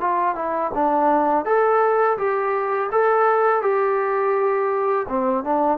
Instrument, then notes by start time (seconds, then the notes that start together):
trombone
0.00 F4
0.35 E4
0.74 D4
1.45 A4
2.18 G4
2.91 A4
3.61 G4
5.08 C4
5.44 D4